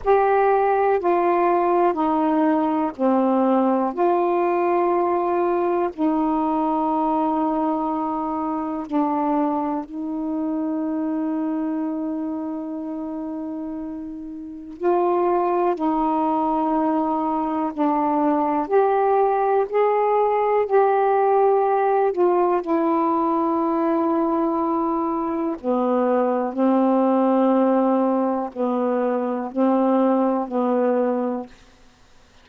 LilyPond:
\new Staff \with { instrumentName = "saxophone" } { \time 4/4 \tempo 4 = 61 g'4 f'4 dis'4 c'4 | f'2 dis'2~ | dis'4 d'4 dis'2~ | dis'2. f'4 |
dis'2 d'4 g'4 | gis'4 g'4. f'8 e'4~ | e'2 b4 c'4~ | c'4 b4 c'4 b4 | }